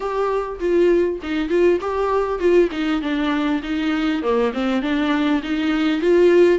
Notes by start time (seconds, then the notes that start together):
0.00 G4
0.59 F4
1.22 D#4
1.49 F4
1.80 G4
2.39 F4
2.71 D#4
3.01 D4
3.62 D#4
4.22 A#3
4.53 C4
4.82 D4
5.42 D#4
6.01 F4